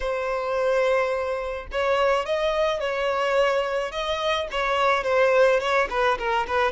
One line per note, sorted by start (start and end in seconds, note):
0.00 1.67 C5
1.71 2.25 C#5
2.25 2.80 D#5
2.80 3.91 C#5
3.91 4.47 D#5
4.51 5.03 C#5
5.03 5.59 C5
5.60 5.88 C#5
5.90 6.18 B4
6.18 6.46 A#4
6.47 6.71 B4